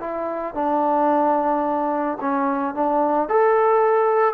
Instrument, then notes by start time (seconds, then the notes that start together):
trombone
0.00 E4
0.54 D4
2.21 C#4
2.74 D4
3.29 A4